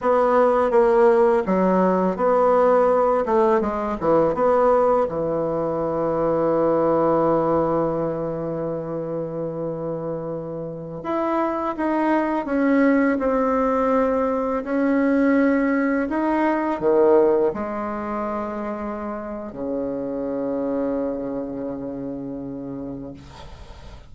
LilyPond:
\new Staff \with { instrumentName = "bassoon" } { \time 4/4 \tempo 4 = 83 b4 ais4 fis4 b4~ | b8 a8 gis8 e8 b4 e4~ | e1~ | e2.~ e16 e'8.~ |
e'16 dis'4 cis'4 c'4.~ c'16~ | c'16 cis'2 dis'4 dis8.~ | dis16 gis2~ gis8. cis4~ | cis1 | }